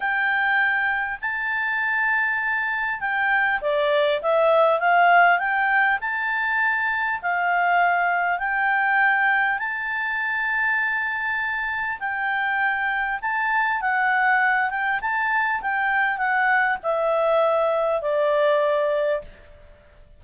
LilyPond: \new Staff \with { instrumentName = "clarinet" } { \time 4/4 \tempo 4 = 100 g''2 a''2~ | a''4 g''4 d''4 e''4 | f''4 g''4 a''2 | f''2 g''2 |
a''1 | g''2 a''4 fis''4~ | fis''8 g''8 a''4 g''4 fis''4 | e''2 d''2 | }